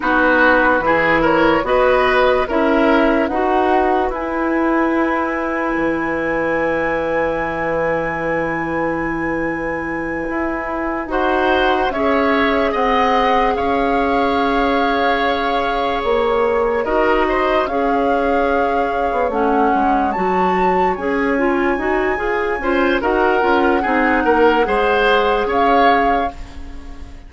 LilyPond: <<
  \new Staff \with { instrumentName = "flute" } { \time 4/4 \tempo 4 = 73 b'4. cis''8 dis''4 e''4 | fis''4 gis''2.~ | gis''1~ | gis''4. fis''4 e''4 fis''8~ |
fis''8 f''2. cis''8~ | cis''8 dis''4 f''2 fis''8~ | fis''8 a''4 gis''2~ gis''8 | fis''2. f''4 | }
  \new Staff \with { instrumentName = "oboe" } { \time 4/4 fis'4 gis'8 ais'8 b'4 ais'4 | b'1~ | b'1~ | b'4. c''4 cis''4 dis''8~ |
dis''8 cis''2.~ cis''8~ | cis''8 ais'8 c''8 cis''2~ cis''8~ | cis''2.~ cis''8 c''8 | ais'4 gis'8 ais'8 c''4 cis''4 | }
  \new Staff \with { instrumentName = "clarinet" } { \time 4/4 dis'4 e'4 fis'4 e'4 | fis'4 e'2.~ | e'1~ | e'4. fis'4 gis'4.~ |
gis'1~ | gis'8 fis'4 gis'2 cis'8~ | cis'8 fis'4 gis'8 f'8 fis'8 gis'8 f'8 | fis'8 f'8 dis'4 gis'2 | }
  \new Staff \with { instrumentName = "bassoon" } { \time 4/4 b4 e4 b4 cis'4 | dis'4 e'2 e4~ | e1~ | e8 e'4 dis'4 cis'4 c'8~ |
c'8 cis'2. ais8~ | ais8 dis'4 cis'4.~ cis'16 b16 a8 | gis8 fis4 cis'4 dis'8 f'8 cis'8 | dis'8 cis'8 c'8 ais8 gis4 cis'4 | }
>>